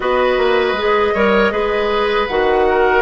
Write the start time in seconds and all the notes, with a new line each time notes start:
0.00 B3 F#4 B4 D#5
0.37 A#3
0.72 G#3 G#4
1.14 G3 A#4 C#5
1.51 G#3 G#4 B4
2.27 D#3 F#4 F#5
2.69 A#4